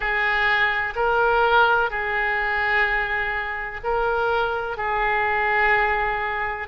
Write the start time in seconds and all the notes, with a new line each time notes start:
0.00 G#4
0.95 A#4
1.90 G#4
3.84 A#4
4.77 G#4